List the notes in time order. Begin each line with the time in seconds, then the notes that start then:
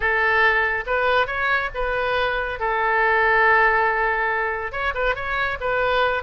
0.00 A4
0.86 B4
1.26 C#5
1.74 B4
2.59 A4
4.72 C#5
4.94 B4
5.15 C#5
5.60 B4